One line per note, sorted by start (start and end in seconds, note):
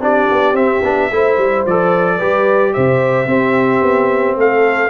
0.00 0.27 C4
0.00 0.55 D4
0.00 1.12 G4
0.00 0.56 D5
0.31 0.52 B3
0.52 0.80 C4
0.52 0.82 C4
0.52 1.65 E5
0.83 1.10 B3
0.83 1.11 D4
1.11 1.38 A3
1.11 1.67 E4
1.11 2.17 C5
1.38 1.65 G3
1.66 2.20 F3
1.66 2.20 A4
1.66 2.74 D5
2.17 2.75 G3
2.17 3.27 G4
2.17 2.72 B4
2.74 3.27 C3
2.74 3.28 C5
2.74 4.37 E5
3.27 3.81 C4
3.27 4.90 C4
3.27 4.37 G4
3.82 4.37 B3
4.37 4.90 A3
4.37 4.90 A4
4.37 4.90 F5